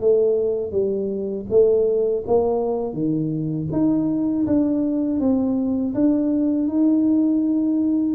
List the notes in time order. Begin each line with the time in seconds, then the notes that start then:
0.00 A3
0.71 G3
1.50 A3
2.27 A#3
2.93 D#3
3.72 D#4
4.46 D4
5.20 C4
5.94 D4
6.68 D#4